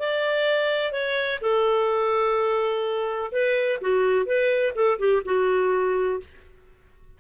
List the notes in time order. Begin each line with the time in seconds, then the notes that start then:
0.00 D5
0.93 C#5
1.42 A4
3.32 B4
3.82 F#4
4.26 B4
4.75 A4
4.99 G4
5.26 F#4